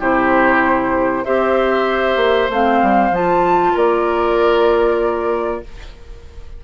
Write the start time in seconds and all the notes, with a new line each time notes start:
0.00 C3 E4 G4 C5
1.24 C4 G4 C5 E5
2.16 A#3
2.50 A3 C4 F5
2.82 G3
3.11 F3 F4 A5
3.73 A#3 A#4 D5